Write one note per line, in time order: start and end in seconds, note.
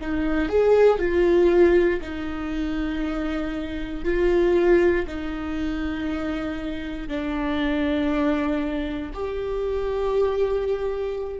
0.00 0.49 D#4
0.49 0.98 G#4
0.98 2.00 F4
2.01 4.04 D#4
4.04 5.06 F4
5.07 7.07 D#4
7.07 9.11 D4
9.13 11.39 G4